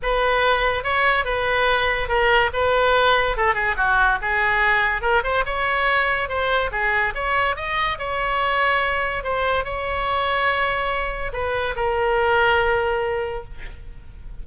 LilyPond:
\new Staff \with { instrumentName = "oboe" } { \time 4/4 \tempo 4 = 143 b'2 cis''4 b'4~ | b'4 ais'4 b'2 | a'8 gis'8 fis'4 gis'2 | ais'8 c''8 cis''2 c''4 |
gis'4 cis''4 dis''4 cis''4~ | cis''2 c''4 cis''4~ | cis''2. b'4 | ais'1 | }